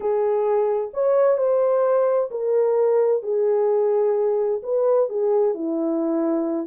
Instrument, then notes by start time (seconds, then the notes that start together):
horn
0.00 G#4
0.93 C#5
1.37 C5
2.30 A#4
3.22 G#4
4.63 B4
5.09 G#4
5.54 E4